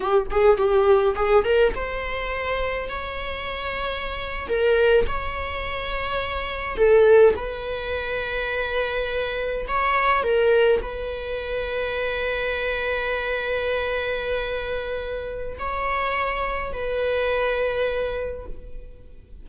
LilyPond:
\new Staff \with { instrumentName = "viola" } { \time 4/4 \tempo 4 = 104 g'8 gis'8 g'4 gis'8 ais'8 c''4~ | c''4 cis''2~ cis''8. ais'16~ | ais'8. cis''2. a'16~ | a'8. b'2.~ b'16~ |
b'8. cis''4 ais'4 b'4~ b'16~ | b'1~ | b'2. cis''4~ | cis''4 b'2. | }